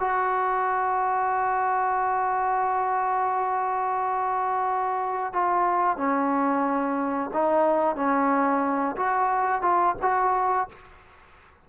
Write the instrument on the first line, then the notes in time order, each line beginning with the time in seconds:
trombone
0.00 F#4
5.33 F4
5.97 C#4
7.33 D#4
7.96 C#4
8.96 F#4
9.62 F4
10.02 F#4